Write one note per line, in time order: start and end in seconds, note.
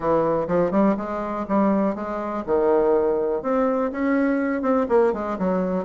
0.00 0.46 E3
0.47 0.71 F3
0.71 0.95 G3
0.97 1.46 G#3
1.48 1.95 G3
1.95 2.44 G#3
2.46 3.42 D#3
3.42 3.91 C4
3.91 4.61 C#4
4.61 4.86 C4
4.88 5.13 A#3
5.13 5.37 G#3
5.38 5.84 F#3